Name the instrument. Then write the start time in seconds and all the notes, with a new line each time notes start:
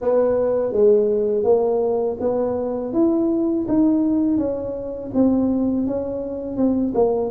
tuba
0.01 B3
0.72 G#3
1.43 A#3
2.20 B3
2.93 E4
3.68 D#4
4.37 C#4
5.14 C4
5.86 C#4
6.57 C4
6.94 A#3